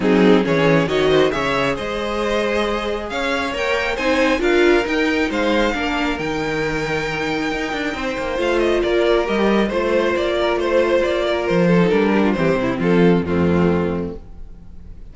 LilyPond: <<
  \new Staff \with { instrumentName = "violin" } { \time 4/4 \tempo 4 = 136 gis'4 cis''4 dis''4 e''4 | dis''2. f''4 | g''4 gis''4 f''4 g''4 | f''2 g''2~ |
g''2. f''8 dis''8 | d''4 dis''4 c''4 d''4 | c''4 d''4 c''4 ais'4 | c''4 a'4 f'2 | }
  \new Staff \with { instrumentName = "violin" } { \time 4/4 dis'4 gis'4 cis''8 c''8 cis''4 | c''2. cis''4~ | cis''4 c''4 ais'2 | c''4 ais'2.~ |
ais'2 c''2 | ais'2 c''4. ais'8 | c''4. ais'4 a'4 g'16 f'16 | g'8 e'8 f'4 c'2 | }
  \new Staff \with { instrumentName = "viola" } { \time 4/4 c'4 cis'4 fis'4 gis'4~ | gis'1 | ais'4 dis'4 f'4 dis'4~ | dis'4 d'4 dis'2~ |
dis'2. f'4~ | f'4 g'4 f'2~ | f'2~ f'8. dis'16 d'4 | c'2 a2 | }
  \new Staff \with { instrumentName = "cello" } { \time 4/4 fis4 e4 dis4 cis4 | gis2. cis'4 | ais4 c'4 d'4 dis'4 | gis4 ais4 dis2~ |
dis4 dis'8 d'8 c'8 ais8 a4 | ais4 g4 a4 ais4 | a4 ais4 f4 g4 | e8 c8 f4 f,2 | }
>>